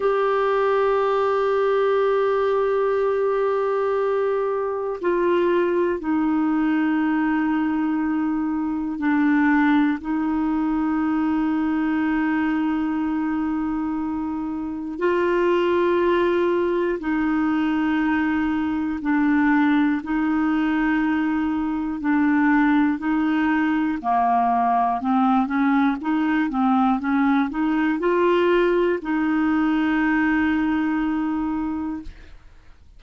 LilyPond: \new Staff \with { instrumentName = "clarinet" } { \time 4/4 \tempo 4 = 60 g'1~ | g'4 f'4 dis'2~ | dis'4 d'4 dis'2~ | dis'2. f'4~ |
f'4 dis'2 d'4 | dis'2 d'4 dis'4 | ais4 c'8 cis'8 dis'8 c'8 cis'8 dis'8 | f'4 dis'2. | }